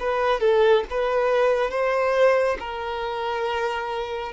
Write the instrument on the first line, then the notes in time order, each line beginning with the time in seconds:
violin
0.00 B4
0.40 A4
0.90 B4
1.71 C5
2.59 A#4